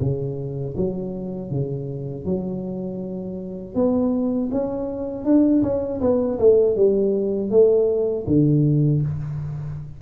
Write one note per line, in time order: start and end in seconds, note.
0.00 0.75 C#3
0.76 1.50 F#3
1.50 2.25 C#3
2.25 3.74 F#3
3.74 4.49 B3
4.51 5.24 C#4
5.24 5.62 D4
5.62 6.00 C#4
6.00 6.38 B3
6.38 6.76 A3
6.76 7.50 G3
7.50 8.25 A3
8.26 9.01 D3